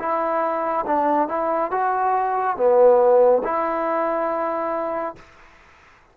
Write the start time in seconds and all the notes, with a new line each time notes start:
0.00 E4
0.86 D4
1.29 E4
1.71 F#4
2.57 B3
3.44 E4